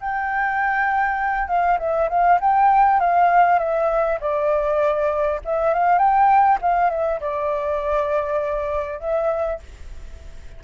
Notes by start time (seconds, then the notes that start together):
0.00 G5
1.48 F5
1.78 E5
2.09 F5
2.40 G5
3.00 F5
3.58 E5
4.20 D5
5.44 E5
5.73 F5
5.98 G5
6.61 F5
6.89 E5
7.20 D5
8.99 E5